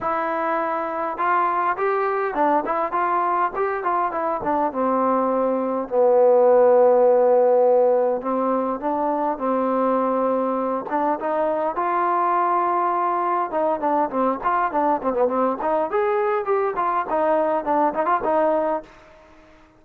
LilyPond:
\new Staff \with { instrumentName = "trombone" } { \time 4/4 \tempo 4 = 102 e'2 f'4 g'4 | d'8 e'8 f'4 g'8 f'8 e'8 d'8 | c'2 b2~ | b2 c'4 d'4 |
c'2~ c'8 d'8 dis'4 | f'2. dis'8 d'8 | c'8 f'8 d'8 c'16 b16 c'8 dis'8 gis'4 | g'8 f'8 dis'4 d'8 dis'16 f'16 dis'4 | }